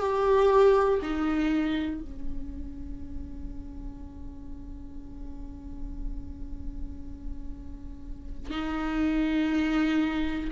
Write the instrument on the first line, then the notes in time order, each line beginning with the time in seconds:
viola
0.00 G4
1.02 D#4
2.01 C#4
8.50 D#4